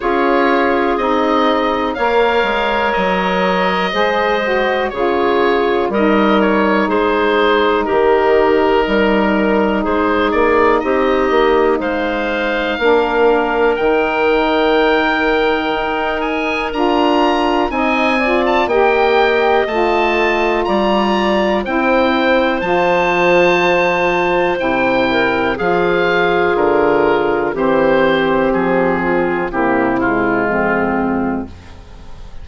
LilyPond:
<<
  \new Staff \with { instrumentName = "oboe" } { \time 4/4 \tempo 4 = 61 cis''4 dis''4 f''4 dis''4~ | dis''4 cis''4 dis''8 cis''8 c''4 | ais'2 c''8 d''8 dis''4 | f''2 g''2~ |
g''8 gis''8 ais''4 gis''8. a''16 g''4 | a''4 ais''4 g''4 a''4~ | a''4 g''4 f''4 ais'4 | c''4 gis'4 g'8 f'4. | }
  \new Staff \with { instrumentName = "clarinet" } { \time 4/4 gis'2 cis''2 | c''4 gis'4 ais'4 gis'4 | g'4 ais'4 gis'4 g'4 | c''4 ais'2.~ |
ais'2 dis''8 d''8 dis''4~ | dis''4 d''4 c''2~ | c''4. ais'8 gis'2 | g'4. f'8 e'4 c'4 | }
  \new Staff \with { instrumentName = "saxophone" } { \time 4/4 f'4 dis'4 ais'2 | gis'8 fis'8 f'4 dis'2~ | dis'1~ | dis'4 d'4 dis'2~ |
dis'4 f'4 dis'8 f'8 g'4 | f'2 e'4 f'4~ | f'4 e'4 f'2 | c'2 ais8 gis4. | }
  \new Staff \with { instrumentName = "bassoon" } { \time 4/4 cis'4 c'4 ais8 gis8 fis4 | gis4 cis4 g4 gis4 | dis4 g4 gis8 ais8 c'8 ais8 | gis4 ais4 dis2 |
dis'4 d'4 c'4 ais4 | a4 g4 c'4 f4~ | f4 c4 f4 d4 | e4 f4 c4 f,4 | }
>>